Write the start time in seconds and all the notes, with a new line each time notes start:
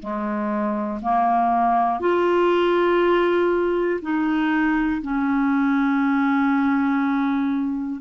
0.00 G#3
1.02 A#3
2.01 F4
4.02 D#4
5.02 C#4